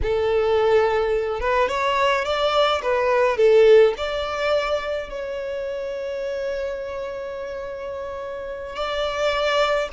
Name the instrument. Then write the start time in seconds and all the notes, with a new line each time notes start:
violin
0.02 A4
1.40 B4
1.68 C#5
2.25 D5
2.82 B4
3.37 A4
3.97 D5
5.09 C#5
8.75 D5